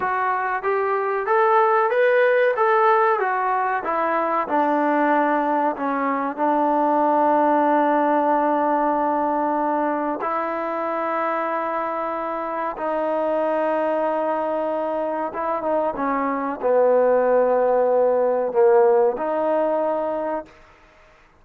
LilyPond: \new Staff \with { instrumentName = "trombone" } { \time 4/4 \tempo 4 = 94 fis'4 g'4 a'4 b'4 | a'4 fis'4 e'4 d'4~ | d'4 cis'4 d'2~ | d'1 |
e'1 | dis'1 | e'8 dis'8 cis'4 b2~ | b4 ais4 dis'2 | }